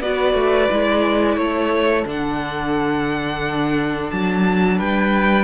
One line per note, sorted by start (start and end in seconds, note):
0.00 0.33 B3
0.00 0.70 F#4
0.00 1.38 B4
0.00 1.36 D5
0.33 0.67 A3
0.70 1.36 G#3
0.70 2.05 E4
1.36 2.05 A3
1.36 4.78 A4
1.36 2.04 C#5
2.05 4.10 D3
2.05 5.44 D4
2.05 4.10 F#5
4.10 4.80 F#3
4.10 4.78 A5
4.78 5.44 G3
4.78 5.44 B4
4.78 5.44 G5